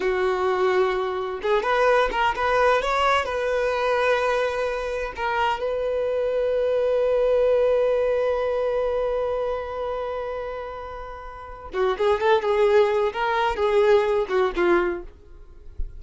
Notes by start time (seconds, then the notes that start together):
0.00 F#4
1.42 G#4
1.62 B4
2.11 A#4
2.35 B4
2.82 C#5
3.25 B4
5.16 A#4
5.60 B4
11.73 F#4
11.98 G#4
12.20 A4
12.42 G#4
13.12 A#4
13.56 G#4
14.28 F#4
14.55 F4